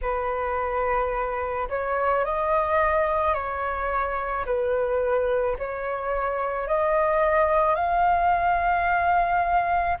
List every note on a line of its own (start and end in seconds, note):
0.02 1.68 B4
1.69 2.24 C#5
2.25 3.34 D#5
3.34 4.45 C#5
4.45 5.57 B4
5.58 6.67 C#5
6.67 7.75 D#5
7.75 9.97 F5